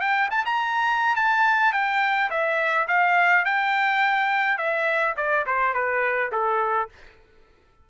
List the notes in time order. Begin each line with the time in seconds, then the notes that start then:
0.00 G5
0.30 A5
0.45 A#5
1.15 A5
1.72 G5
2.30 E5
2.88 F5
3.45 G5
4.57 E5
5.16 D5
5.46 C5
5.73 B4
6.31 A4